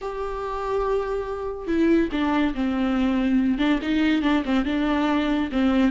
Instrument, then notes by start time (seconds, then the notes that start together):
viola
0.01 G4
1.67 E4
2.11 D4
2.54 C4
3.58 D4
3.82 D#4
4.22 D4
4.45 C4
4.65 D4
5.52 C4